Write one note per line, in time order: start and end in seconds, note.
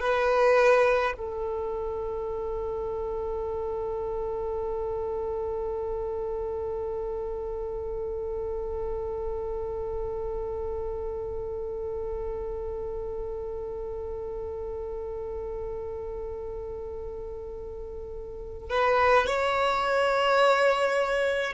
0.00 1.13 B4
1.17 18.70 A4
18.70 19.27 B4
19.27 21.53 C#5